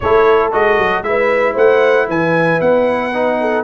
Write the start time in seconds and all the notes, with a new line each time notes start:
0.00 A3 E4 A4 C#5
0.52 G#3 F#4 D#5
0.78 F#3
1.02 G#3 E4 E5
1.08 B4
1.53 A3 C5 F#5
2.07 E3 B4 G#5
2.60 B3 F#5
3.14 D#4
3.40 A4